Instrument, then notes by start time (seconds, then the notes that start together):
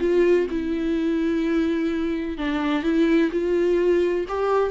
viola
0.00 F4
0.50 E4
2.38 D4
2.83 E4
3.32 F4
4.28 G4